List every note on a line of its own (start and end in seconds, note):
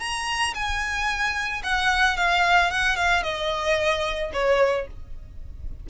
0.00 0.54 A#5
0.55 1.63 G#5
1.64 2.17 F#5
2.17 2.71 F5
2.71 2.96 F#5
2.96 3.23 F5
3.24 4.32 D#5
4.33 4.87 C#5